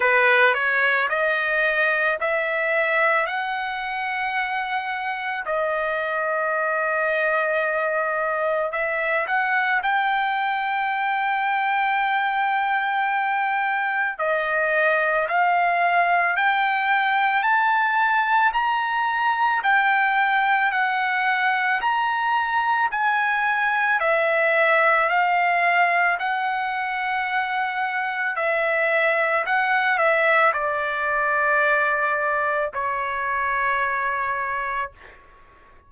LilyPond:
\new Staff \with { instrumentName = "trumpet" } { \time 4/4 \tempo 4 = 55 b'8 cis''8 dis''4 e''4 fis''4~ | fis''4 dis''2. | e''8 fis''8 g''2.~ | g''4 dis''4 f''4 g''4 |
a''4 ais''4 g''4 fis''4 | ais''4 gis''4 e''4 f''4 | fis''2 e''4 fis''8 e''8 | d''2 cis''2 | }